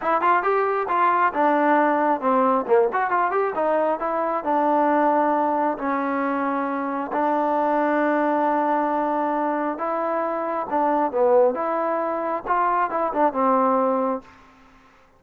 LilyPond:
\new Staff \with { instrumentName = "trombone" } { \time 4/4 \tempo 4 = 135 e'8 f'8 g'4 f'4 d'4~ | d'4 c'4 ais8 fis'8 f'8 g'8 | dis'4 e'4 d'2~ | d'4 cis'2. |
d'1~ | d'2 e'2 | d'4 b4 e'2 | f'4 e'8 d'8 c'2 | }